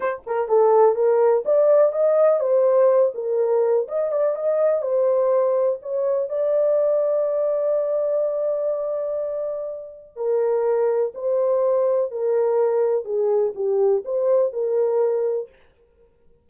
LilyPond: \new Staff \with { instrumentName = "horn" } { \time 4/4 \tempo 4 = 124 c''8 ais'8 a'4 ais'4 d''4 | dis''4 c''4. ais'4. | dis''8 d''8 dis''4 c''2 | cis''4 d''2.~ |
d''1~ | d''4 ais'2 c''4~ | c''4 ais'2 gis'4 | g'4 c''4 ais'2 | }